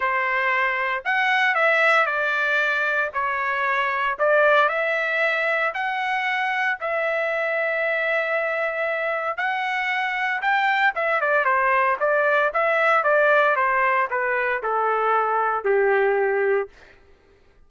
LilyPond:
\new Staff \with { instrumentName = "trumpet" } { \time 4/4 \tempo 4 = 115 c''2 fis''4 e''4 | d''2 cis''2 | d''4 e''2 fis''4~ | fis''4 e''2.~ |
e''2 fis''2 | g''4 e''8 d''8 c''4 d''4 | e''4 d''4 c''4 b'4 | a'2 g'2 | }